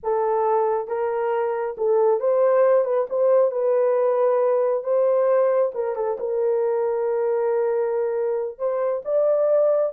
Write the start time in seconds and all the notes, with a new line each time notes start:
0.03 A4
0.87 A#4
1.77 A4
2.20 C5
2.85 B4
3.09 C5
3.51 B4
4.83 C5
5.74 A#4
5.95 A4
6.19 A#4
8.58 C5
9.05 D5